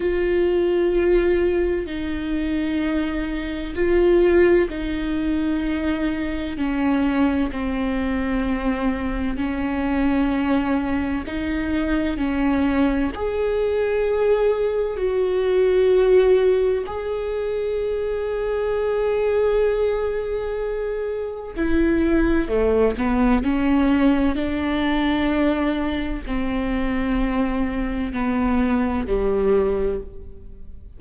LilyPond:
\new Staff \with { instrumentName = "viola" } { \time 4/4 \tempo 4 = 64 f'2 dis'2 | f'4 dis'2 cis'4 | c'2 cis'2 | dis'4 cis'4 gis'2 |
fis'2 gis'2~ | gis'2. e'4 | a8 b8 cis'4 d'2 | c'2 b4 g4 | }